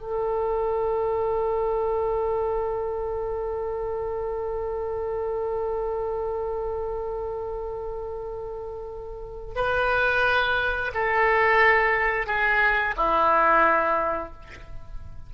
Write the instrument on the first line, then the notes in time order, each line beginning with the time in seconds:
oboe
0.00 A4
9.55 B4
10.94 A4
12.26 G#4
12.96 E4